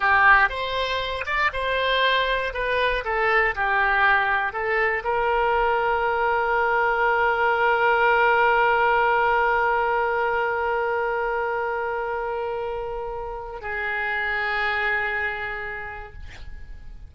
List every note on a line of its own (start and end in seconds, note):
0.00 0.49 G4
0.49 1.25 C5
1.25 1.51 D5
1.52 2.53 C5
2.53 3.03 B4
3.04 3.54 A4
3.55 4.52 G4
4.52 5.03 A4
5.04 13.61 A#4
13.61 16.13 G#4